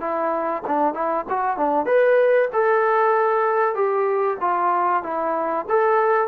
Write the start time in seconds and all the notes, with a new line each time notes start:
0.00 E4
0.67 D4
0.93 E4
1.30 F#4
1.57 D4
1.86 B4
2.53 A4
3.75 G4
4.41 F4
5.03 E4
5.69 A4